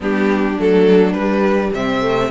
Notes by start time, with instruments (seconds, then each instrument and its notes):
0.00 cello G3, viola B3, violin D4 G4
0.58 cello F#3, viola A3, violin A4
1.13 cello G3, violin B4
1.20 viola G3
1.74 cello C3, violin C4 E5
2.00 viola A3